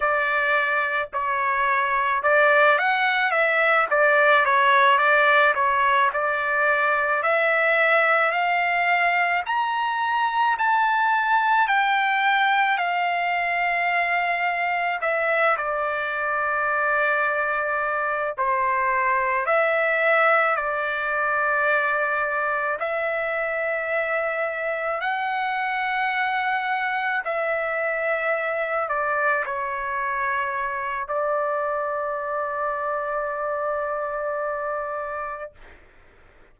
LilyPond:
\new Staff \with { instrumentName = "trumpet" } { \time 4/4 \tempo 4 = 54 d''4 cis''4 d''8 fis''8 e''8 d''8 | cis''8 d''8 cis''8 d''4 e''4 f''8~ | f''8 ais''4 a''4 g''4 f''8~ | f''4. e''8 d''2~ |
d''8 c''4 e''4 d''4.~ | d''8 e''2 fis''4.~ | fis''8 e''4. d''8 cis''4. | d''1 | }